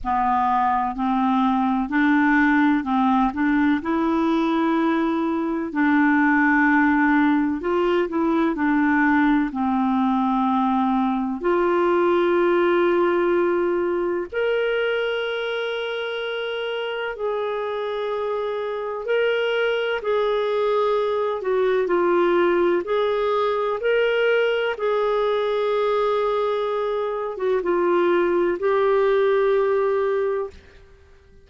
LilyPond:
\new Staff \with { instrumentName = "clarinet" } { \time 4/4 \tempo 4 = 63 b4 c'4 d'4 c'8 d'8 | e'2 d'2 | f'8 e'8 d'4 c'2 | f'2. ais'4~ |
ais'2 gis'2 | ais'4 gis'4. fis'8 f'4 | gis'4 ais'4 gis'2~ | gis'8. fis'16 f'4 g'2 | }